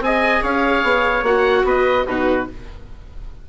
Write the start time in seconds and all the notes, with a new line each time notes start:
0.00 C4 G#4 D#5 G#5
0.42 C#4 C#5 F5
0.83 B3
1.22 A#3 F#4 F#5
1.64 B3 B4 D#5
2.06 B2 D#4 F#4 B4